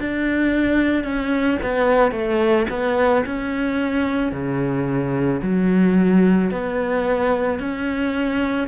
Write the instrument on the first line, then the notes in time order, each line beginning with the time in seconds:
cello
0.00 D4
1.04 C#4
1.63 B3
2.11 A3
2.70 B3
3.26 C#4
4.32 C#3
5.41 F#3
6.51 B3
7.60 C#4